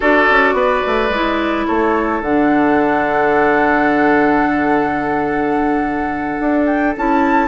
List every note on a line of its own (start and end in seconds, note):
0.00 0.29 D4
0.00 1.10 F#4
0.00 0.54 A4
0.00 1.66 D5
0.30 0.53 C#4
0.53 0.80 B3
0.53 1.67 B4
0.86 1.09 A3
1.09 1.65 G#3
1.09 2.23 E4
1.66 2.21 A3
1.66 7.48 A4
1.66 2.22 C#5
2.21 6.37 D3
2.21 6.95 D4
2.21 6.66 F#5
6.39 6.95 D4
6.66 6.94 G5
6.96 7.48 C#4
6.96 7.48 E4
6.96 7.48 A5